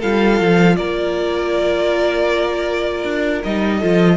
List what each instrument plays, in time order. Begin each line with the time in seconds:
0.00 cello G3, viola F4, violin A4 F5
0.41 cello F3
0.76 cello A#3, violin A#4 D5
3.04 cello D4
3.44 cello G3, viola D#4, violin D#5
3.78 cello F3, viola F4, violin A4